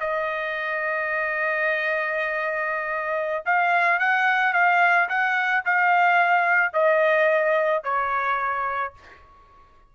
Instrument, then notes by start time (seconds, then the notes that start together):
trumpet
0.00 D#5
3.46 F5
3.99 F#5
4.53 F5
5.09 F#5
5.65 F5
6.73 D#5
7.83 C#5